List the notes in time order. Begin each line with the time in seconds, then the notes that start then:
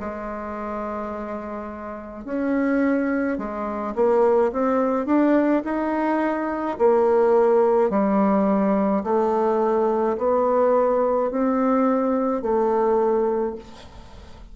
0.00 G#3
2.25 C#4
3.39 G#3
3.95 A#3
4.53 C4
5.06 D4
5.65 D#4
6.79 A#3
7.90 G3
9.04 A3
10.18 B3
11.31 C4
12.43 A3